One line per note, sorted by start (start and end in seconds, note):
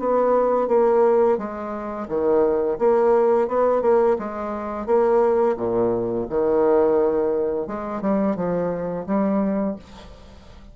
0.00 0.68 B3
0.68 1.38 A#3
1.38 2.08 G#3
2.09 2.78 D#3
2.79 3.49 A#3
3.49 3.82 B3
3.82 4.17 A#3
4.19 4.87 G#3
4.87 5.57 A#3
5.57 6.27 A#2
6.30 7.67 D#3
7.67 8.02 G#3
8.02 8.37 G3
8.37 9.06 F3
9.07 9.76 G3